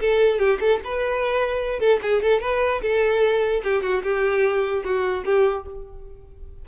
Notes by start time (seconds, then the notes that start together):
0.00 A4
0.38 G4
0.60 A4
0.84 B4
1.79 A4
2.02 G#4
2.22 A4
2.41 B4
2.81 A4
3.63 G4
3.82 F#4
4.02 G4
4.84 F#4
5.25 G4